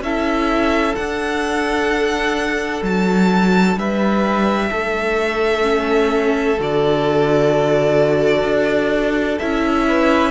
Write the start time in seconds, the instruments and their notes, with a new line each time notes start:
0.00 cello C#4, viola E4, violin A4 E5
0.95 viola D4, cello D4, violin F#5
2.82 cello F#3, violin A5
3.76 cello G3, violin B4 E5
4.70 cello A3, violin A4
5.62 viola C#4
6.58 cello D3, viola F#4, violin D5
8.43 cello D4
9.38 cello C#4, viola E4, violin E5
9.88 violin B4